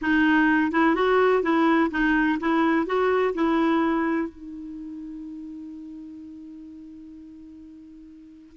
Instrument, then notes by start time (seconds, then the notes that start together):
clarinet
0.01 D#4
0.71 E4
0.95 F#4
1.43 E4
1.90 D#4
2.40 E4
2.86 F#4
3.34 E4
4.29 D#4